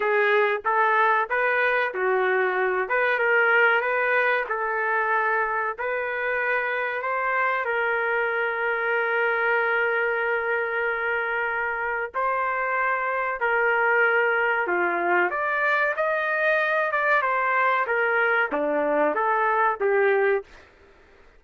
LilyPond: \new Staff \with { instrumentName = "trumpet" } { \time 4/4 \tempo 4 = 94 gis'4 a'4 b'4 fis'4~ | fis'8 b'8 ais'4 b'4 a'4~ | a'4 b'2 c''4 | ais'1~ |
ais'2. c''4~ | c''4 ais'2 f'4 | d''4 dis''4. d''8 c''4 | ais'4 d'4 a'4 g'4 | }